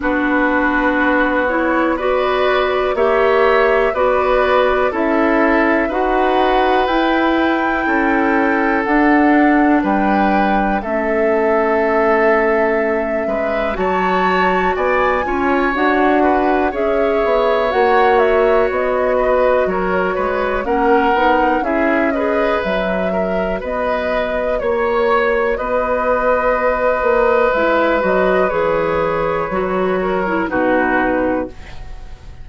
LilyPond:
<<
  \new Staff \with { instrumentName = "flute" } { \time 4/4 \tempo 4 = 61 b'4. cis''8 d''4 e''4 | d''4 e''4 fis''4 g''4~ | g''4 fis''4 g''4 e''4~ | e''2 a''4 gis''4 |
fis''4 e''4 fis''8 e''8 dis''4 | cis''4 fis''4 e''8 dis''8 e''4 | dis''4 cis''4 dis''2 | e''8 dis''8 cis''2 b'4 | }
  \new Staff \with { instrumentName = "oboe" } { \time 4/4 fis'2 b'4 cis''4 | b'4 a'4 b'2 | a'2 b'4 a'4~ | a'4. b'8 cis''4 d''8 cis''8~ |
cis''8 b'8 cis''2~ cis''8 b'8 | ais'8 b'8 ais'4 gis'8 b'4 ais'8 | b'4 cis''4 b'2~ | b'2~ b'8 ais'8 fis'4 | }
  \new Staff \with { instrumentName = "clarinet" } { \time 4/4 d'4. e'8 fis'4 g'4 | fis'4 e'4 fis'4 e'4~ | e'4 d'2 cis'4~ | cis'2 fis'4. f'8 |
fis'4 gis'4 fis'2~ | fis'4 cis'8 dis'8 e'8 gis'8 fis'4~ | fis'1 | e'8 fis'8 gis'4 fis'8. e'16 dis'4 | }
  \new Staff \with { instrumentName = "bassoon" } { \time 4/4 b2. ais4 | b4 cis'4 dis'4 e'4 | cis'4 d'4 g4 a4~ | a4. gis8 fis4 b8 cis'8 |
d'4 cis'8 b8 ais4 b4 | fis8 gis8 ais8 b8 cis'4 fis4 | b4 ais4 b4. ais8 | gis8 fis8 e4 fis4 b,4 | }
>>